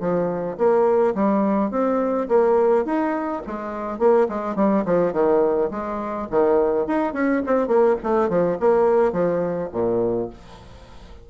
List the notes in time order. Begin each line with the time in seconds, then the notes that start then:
0.00 F3
0.57 A#3
1.15 G3
1.71 C4
2.28 A#3
2.85 D#4
3.46 G#3
3.99 A#3
4.29 G#3
4.55 G3
4.85 F3
5.13 D#3
5.71 G#3
6.30 D#3
6.87 D#4
7.13 C#4
7.46 C4
7.68 A#3
8.03 A3
8.29 F3
8.60 A#3
9.12 F3
9.72 A#2